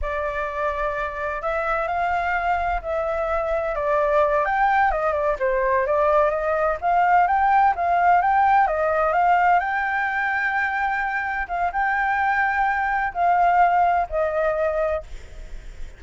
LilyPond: \new Staff \with { instrumentName = "flute" } { \time 4/4 \tempo 4 = 128 d''2. e''4 | f''2 e''2 | d''4. g''4 dis''8 d''8 c''8~ | c''8 d''4 dis''4 f''4 g''8~ |
g''8 f''4 g''4 dis''4 f''8~ | f''8 g''2.~ g''8~ | g''8 f''8 g''2. | f''2 dis''2 | }